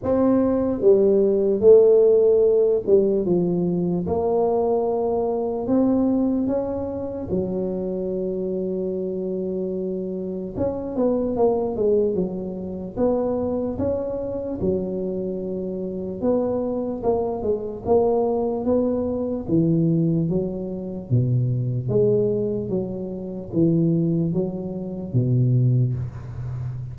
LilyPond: \new Staff \with { instrumentName = "tuba" } { \time 4/4 \tempo 4 = 74 c'4 g4 a4. g8 | f4 ais2 c'4 | cis'4 fis2.~ | fis4 cis'8 b8 ais8 gis8 fis4 |
b4 cis'4 fis2 | b4 ais8 gis8 ais4 b4 | e4 fis4 b,4 gis4 | fis4 e4 fis4 b,4 | }